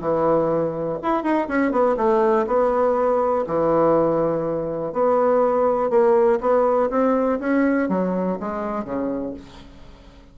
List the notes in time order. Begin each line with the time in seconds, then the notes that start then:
0.00 E3
1.02 E4
1.23 D#4
1.48 C#4
1.71 B3
1.96 A3
2.46 B3
3.46 E3
4.92 B3
5.90 A#3
6.40 B3
6.90 C4
7.39 C#4
7.88 F#3
8.39 G#3
8.84 C#3